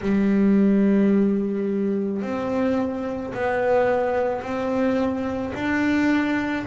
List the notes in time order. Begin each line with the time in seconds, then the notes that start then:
0.01 G3
2.22 C4
3.33 B3
4.41 C4
5.54 D4